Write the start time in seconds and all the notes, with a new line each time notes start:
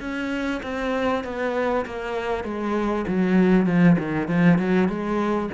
0.00 C#4
0.62 C4
1.24 B3
1.86 A#3
2.44 G#3
3.07 F#3
3.66 F3
3.99 D#3
4.28 F3
4.58 F#3
4.88 G#3